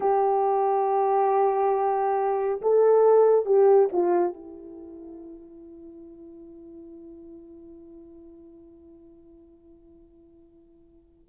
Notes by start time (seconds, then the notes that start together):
0.00 G4
2.61 A4
3.45 G4
3.92 F4
4.33 E4